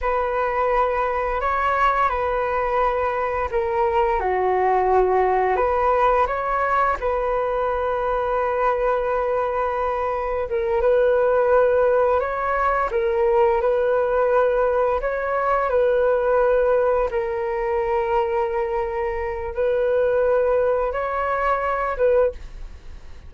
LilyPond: \new Staff \with { instrumentName = "flute" } { \time 4/4 \tempo 4 = 86 b'2 cis''4 b'4~ | b'4 ais'4 fis'2 | b'4 cis''4 b'2~ | b'2. ais'8 b'8~ |
b'4. cis''4 ais'4 b'8~ | b'4. cis''4 b'4.~ | b'8 ais'2.~ ais'8 | b'2 cis''4. b'8 | }